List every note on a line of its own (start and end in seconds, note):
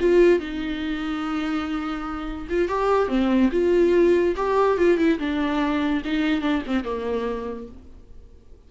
0.00 0.39 F4
0.39 2.48 D#4
2.49 2.68 F4
2.68 3.08 G4
3.08 3.50 C4
3.52 4.35 F4
4.36 4.78 G4
4.78 4.98 F4
4.98 5.19 E4
5.19 6.02 D4
6.05 6.42 D#4
6.42 6.62 D4
6.67 6.84 C4
6.84 7.68 A#3